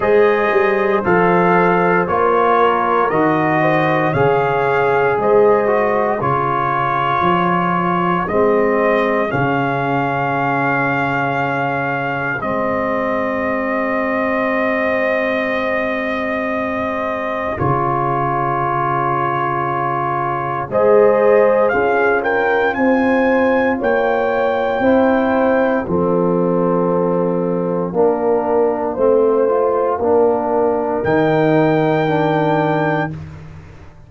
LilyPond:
<<
  \new Staff \with { instrumentName = "trumpet" } { \time 4/4 \tempo 4 = 58 dis''4 f''4 cis''4 dis''4 | f''4 dis''4 cis''2 | dis''4 f''2. | dis''1~ |
dis''4 cis''2. | dis''4 f''8 g''8 gis''4 g''4~ | g''4 f''2.~ | f''2 g''2 | }
  \new Staff \with { instrumentName = "horn" } { \time 4/4 c''2~ c''8 ais'4 c''8 | cis''4 c''4 gis'2~ | gis'1~ | gis'1~ |
gis'1 | c''4 gis'8 ais'8 c''4 cis''4 | c''4 a'2 ais'4 | c''4 ais'2. | }
  \new Staff \with { instrumentName = "trombone" } { \time 4/4 gis'4 a'4 f'4 fis'4 | gis'4. fis'8 f'2 | c'4 cis'2. | c'1~ |
c'4 f'2. | gis'4 f'2. | e'4 c'2 d'4 | c'8 f'8 d'4 dis'4 d'4 | }
  \new Staff \with { instrumentName = "tuba" } { \time 4/4 gis8 g8 f4 ais4 dis4 | cis4 gis4 cis4 f4 | gis4 cis2. | gis1~ |
gis4 cis2. | gis4 cis'4 c'4 ais4 | c'4 f2 ais4 | a4 ais4 dis2 | }
>>